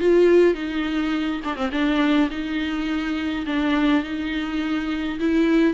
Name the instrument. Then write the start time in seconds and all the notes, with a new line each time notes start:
viola
0.00 F4
0.55 D#4
1.44 D4
1.56 C4
1.72 D4
2.30 D#4
3.46 D4
4.04 D#4
5.20 E4